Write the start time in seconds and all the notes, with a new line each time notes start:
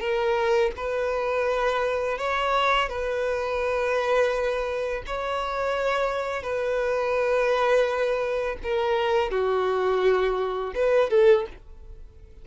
0.00 A#4
0.77 B4
2.18 C#5
2.89 B4
5.06 C#5
6.43 B4
8.63 A#4
9.31 F#4
10.75 B4
11.10 A4